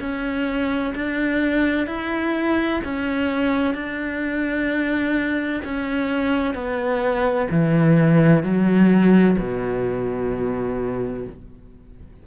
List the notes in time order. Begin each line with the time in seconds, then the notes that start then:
0.00 C#4
0.95 D4
1.87 E4
2.84 C#4
3.75 D4
5.65 C#4
6.55 B3
7.50 E3
8.43 F#3
9.39 B2